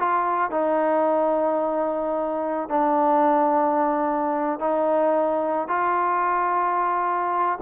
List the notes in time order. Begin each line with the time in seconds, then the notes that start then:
0.00 F4
0.52 D#4
2.70 D4
4.60 D#4
5.69 F4